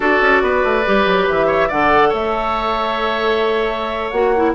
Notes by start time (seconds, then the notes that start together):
0.00 D4 F#4 A4 D5
0.21 C#4
0.42 B3 B4
0.63 A3
0.86 G3 G4
1.06 F#3
1.28 E3 E5
1.47 C#5
1.68 D3 A4 D5 F#5
2.09 A3 C#5 E5
4.10 A#3 F#4 F#5
4.36 E4